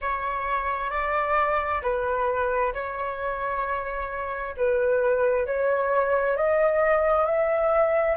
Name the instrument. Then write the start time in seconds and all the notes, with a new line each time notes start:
flute
0.01 C#5
0.90 D5
1.82 B4
2.73 C#5
4.56 B4
5.46 C#5
6.36 D#5
7.25 E5